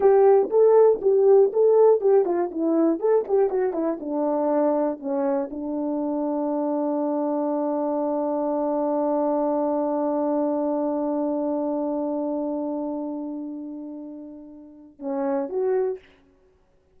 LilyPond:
\new Staff \with { instrumentName = "horn" } { \time 4/4 \tempo 4 = 120 g'4 a'4 g'4 a'4 | g'8 f'8 e'4 a'8 g'8 fis'8 e'8 | d'2 cis'4 d'4~ | d'1~ |
d'1~ | d'1~ | d'1~ | d'2 cis'4 fis'4 | }